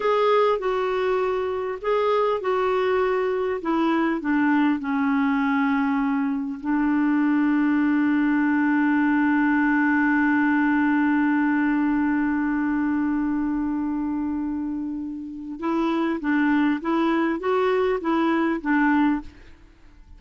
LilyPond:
\new Staff \with { instrumentName = "clarinet" } { \time 4/4 \tempo 4 = 100 gis'4 fis'2 gis'4 | fis'2 e'4 d'4 | cis'2. d'4~ | d'1~ |
d'1~ | d'1~ | d'2 e'4 d'4 | e'4 fis'4 e'4 d'4 | }